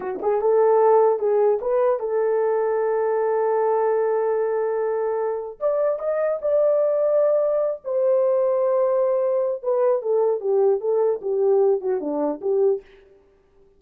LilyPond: \new Staff \with { instrumentName = "horn" } { \time 4/4 \tempo 4 = 150 fis'8 gis'8 a'2 gis'4 | b'4 a'2.~ | a'1~ | a'2 d''4 dis''4 |
d''2.~ d''8 c''8~ | c''1 | b'4 a'4 g'4 a'4 | g'4. fis'8 d'4 g'4 | }